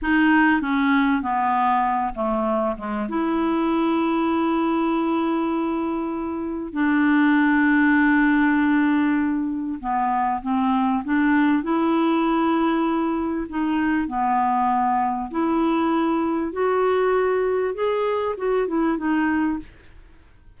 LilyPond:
\new Staff \with { instrumentName = "clarinet" } { \time 4/4 \tempo 4 = 98 dis'4 cis'4 b4. a8~ | a8 gis8 e'2.~ | e'2. d'4~ | d'1 |
b4 c'4 d'4 e'4~ | e'2 dis'4 b4~ | b4 e'2 fis'4~ | fis'4 gis'4 fis'8 e'8 dis'4 | }